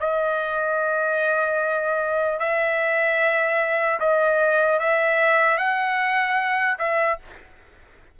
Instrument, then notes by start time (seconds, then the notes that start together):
trumpet
0.00 D#5
2.39 E5
4.00 D#5
4.79 E5
5.57 F#5
6.79 E5